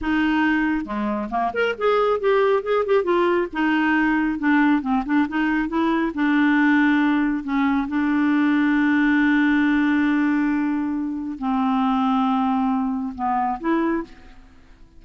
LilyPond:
\new Staff \with { instrumentName = "clarinet" } { \time 4/4 \tempo 4 = 137 dis'2 gis4 ais8 ais'8 | gis'4 g'4 gis'8 g'8 f'4 | dis'2 d'4 c'8 d'8 | dis'4 e'4 d'2~ |
d'4 cis'4 d'2~ | d'1~ | d'2 c'2~ | c'2 b4 e'4 | }